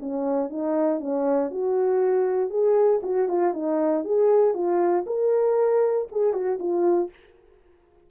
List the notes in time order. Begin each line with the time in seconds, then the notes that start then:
0.00 C#4
0.50 D#4
1.01 C#4
1.51 F#4
2.50 G#4
3.03 F#4
3.29 F4
3.54 D#4
4.05 G#4
4.54 F4
5.06 A#4
6.12 G#4
6.33 F#4
6.59 F4